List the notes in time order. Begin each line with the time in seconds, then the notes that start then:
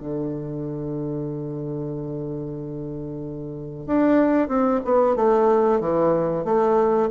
0.00 D3
3.87 D4
4.48 C4
4.84 B3
5.16 A3
5.80 E3
6.45 A3